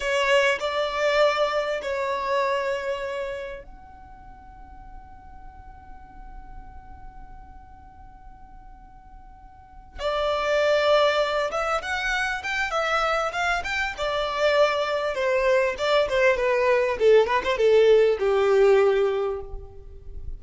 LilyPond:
\new Staff \with { instrumentName = "violin" } { \time 4/4 \tempo 4 = 99 cis''4 d''2 cis''4~ | cis''2 fis''2~ | fis''1~ | fis''1~ |
fis''8 d''2~ d''8 e''8 fis''8~ | fis''8 g''8 e''4 f''8 g''8 d''4~ | d''4 c''4 d''8 c''8 b'4 | a'8 b'16 c''16 a'4 g'2 | }